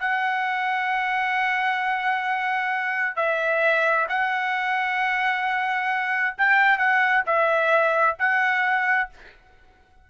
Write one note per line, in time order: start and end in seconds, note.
0.00 3.16 F#5
3.16 4.07 E5
4.09 6.36 F#5
6.38 6.78 G5
6.78 7.24 F#5
7.26 8.17 E5
8.19 9.10 F#5